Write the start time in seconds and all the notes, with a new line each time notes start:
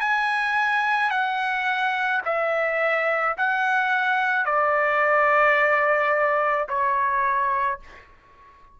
0.00 G#5
1.10 F#5
2.25 E5
3.37 F#5
4.45 D5
6.69 C#5